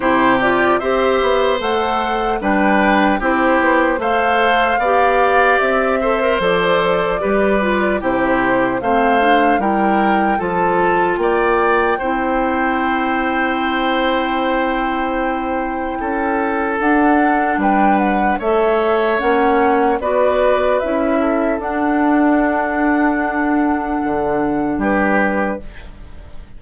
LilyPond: <<
  \new Staff \with { instrumentName = "flute" } { \time 4/4 \tempo 4 = 75 c''8 d''8 e''4 fis''4 g''4 | c''4 f''2 e''4 | d''2 c''4 f''4 | g''4 a''4 g''2~ |
g''1~ | g''4 fis''4 g''8 fis''8 e''4 | fis''4 d''4 e''4 fis''4~ | fis''2. b'4 | }
  \new Staff \with { instrumentName = "oboe" } { \time 4/4 g'4 c''2 b'4 | g'4 c''4 d''4. c''8~ | c''4 b'4 g'4 c''4 | ais'4 a'4 d''4 c''4~ |
c''1 | a'2 b'4 cis''4~ | cis''4 b'4. a'4.~ | a'2. g'4 | }
  \new Staff \with { instrumentName = "clarinet" } { \time 4/4 e'8 f'8 g'4 a'4 d'4 | e'4 a'4 g'4. a'16 ais'16 | a'4 g'8 f'8 e'4 c'8 d'8 | e'4 f'2 e'4~ |
e'1~ | e'4 d'2 a'4 | cis'4 fis'4 e'4 d'4~ | d'1 | }
  \new Staff \with { instrumentName = "bassoon" } { \time 4/4 c4 c'8 b8 a4 g4 | c'8 b8 a4 b4 c'4 | f4 g4 c4 a4 | g4 f4 ais4 c'4~ |
c'1 | cis'4 d'4 g4 a4 | ais4 b4 cis'4 d'4~ | d'2 d4 g4 | }
>>